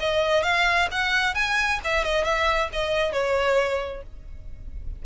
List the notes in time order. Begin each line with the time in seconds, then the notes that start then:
0.00 D#5
0.43 F5
0.92 F#5
1.35 G#5
1.85 E5
2.05 D#5
2.25 E5
2.73 D#5
3.13 C#5